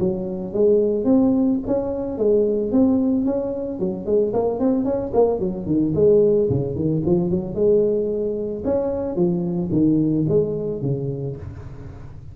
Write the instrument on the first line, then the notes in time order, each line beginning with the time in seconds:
tuba
0.00 F#3
0.54 G#3
1.05 C4
1.67 C#4
2.18 G#3
2.72 C4
3.26 C#4
3.80 F#3
4.06 G#3
4.34 A#3
4.60 C4
4.85 C#4
5.14 A#3
5.40 F#3
5.67 D#3
5.95 G#3
6.50 C#3
6.76 D#3
7.06 F3
7.30 F#3
7.55 G#3
8.65 C#4
9.16 F3
9.72 D#3
10.29 G#3
10.82 C#3